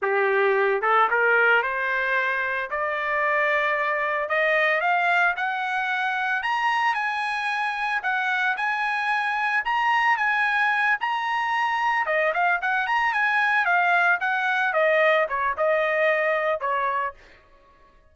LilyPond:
\new Staff \with { instrumentName = "trumpet" } { \time 4/4 \tempo 4 = 112 g'4. a'8 ais'4 c''4~ | c''4 d''2. | dis''4 f''4 fis''2 | ais''4 gis''2 fis''4 |
gis''2 ais''4 gis''4~ | gis''8 ais''2 dis''8 f''8 fis''8 | ais''8 gis''4 f''4 fis''4 dis''8~ | dis''8 cis''8 dis''2 cis''4 | }